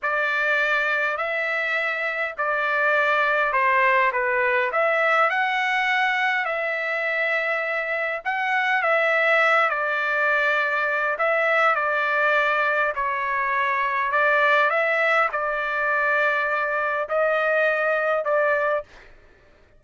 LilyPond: \new Staff \with { instrumentName = "trumpet" } { \time 4/4 \tempo 4 = 102 d''2 e''2 | d''2 c''4 b'4 | e''4 fis''2 e''4~ | e''2 fis''4 e''4~ |
e''8 d''2~ d''8 e''4 | d''2 cis''2 | d''4 e''4 d''2~ | d''4 dis''2 d''4 | }